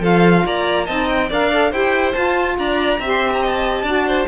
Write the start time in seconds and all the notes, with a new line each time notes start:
0.00 F3 F4 A4 F5
0.46 A#3 D5 A#5
0.86 C4 D#4 D#5 A5
1.09 G5
1.29 D4 A#4 D5 F5
1.52 A4
1.71 E4 G4 C5 G5
2.13 F4 A5
2.59 D4 D5 A#5
2.99 C4 G4 E5
3.09 C6
3.33 A#5
3.42 D#5 A5
3.83 D4 F#4 D5
4.07 C5